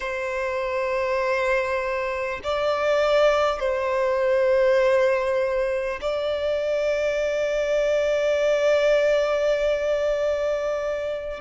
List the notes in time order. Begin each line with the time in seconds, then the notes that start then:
0.00 C5
2.43 D5
3.59 C5
6.01 D5